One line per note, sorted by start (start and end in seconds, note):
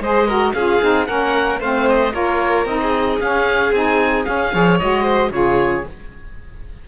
0.00 0.53 G#3
0.00 0.28 G#4
0.00 0.28 C5
0.00 0.54 D#5
0.28 0.54 F#4
0.28 0.54 A#4
0.54 0.81 C#4
0.54 0.82 F4
0.54 1.08 G#4
0.54 1.07 F5
0.82 1.09 C4
0.82 1.07 D#4
1.07 1.61 A#3
1.07 1.60 C#4
1.07 1.60 A#4
1.07 1.60 F#5
1.60 2.14 A3
1.60 2.12 C4
1.60 2.13 C5
1.60 1.89 F5
1.89 2.14 D#5
2.12 2.65 A#3
2.12 2.65 F4
2.12 2.81 A#4
2.12 2.67 C#5
2.65 3.18 C4
2.65 3.20 D#4
2.65 3.20 D#5
2.83 4.54 G#4
3.20 3.73 C#4
3.20 3.72 C#4
3.20 3.74 F5
3.72 4.25 C4
3.72 4.26 D#4
3.72 4.26 G#5
4.26 4.52 C#4
4.26 4.54 C#4
4.26 4.79 F5
4.53 4.80 F3
4.53 4.80 G#4
4.53 5.04 C#5
4.79 5.31 G#3
4.79 5.32 F#4
4.79 5.32 D#5
5.04 5.30 C5
5.31 5.84 C#3
5.31 5.85 F4
5.31 5.88 G#4
5.31 5.85 C#5